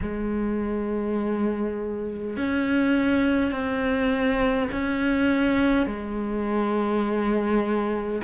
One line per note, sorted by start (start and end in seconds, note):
0.01 2.36 G#3
2.36 3.51 C#4
3.51 4.69 C4
4.71 5.86 C#4
5.86 8.21 G#3